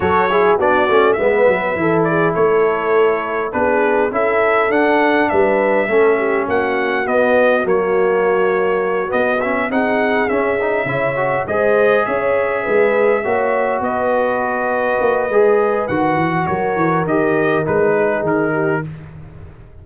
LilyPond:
<<
  \new Staff \with { instrumentName = "trumpet" } { \time 4/4 \tempo 4 = 102 cis''4 d''4 e''4. d''8 | cis''2 b'4 e''4 | fis''4 e''2 fis''4 | dis''4 cis''2~ cis''8 dis''8 |
e''8 fis''4 e''2 dis''8~ | dis''8 e''2. dis''8~ | dis''2. fis''4 | cis''4 dis''4 b'4 ais'4 | }
  \new Staff \with { instrumentName = "horn" } { \time 4/4 a'8 gis'8 fis'4 b'4 a'8 gis'8 | a'2 gis'4 a'4~ | a'4 b'4 a'8 g'8 fis'4~ | fis'1~ |
fis'8 gis'2 cis''4 c''8~ | c''8 cis''4 b'4 cis''4 b'8~ | b'1 | ais'2~ ais'8 gis'4 g'8 | }
  \new Staff \with { instrumentName = "trombone" } { \time 4/4 fis'8 e'8 d'8 cis'8 b4 e'4~ | e'2 d'4 e'4 | d'2 cis'2 | b4 ais2~ ais8 b8 |
cis'8 dis'4 cis'8 dis'8 e'8 fis'8 gis'8~ | gis'2~ gis'8 fis'4.~ | fis'2 gis'4 fis'4~ | fis'4 g'4 dis'2 | }
  \new Staff \with { instrumentName = "tuba" } { \time 4/4 fis4 b8 a8 gis8 fis8 e4 | a2 b4 cis'4 | d'4 g4 a4 ais4 | b4 fis2~ fis8 b8~ |
b8 c'4 cis'4 cis4 gis8~ | gis8 cis'4 gis4 ais4 b8~ | b4. ais8 gis4 dis8 e8 | fis8 e8 dis4 gis4 dis4 | }
>>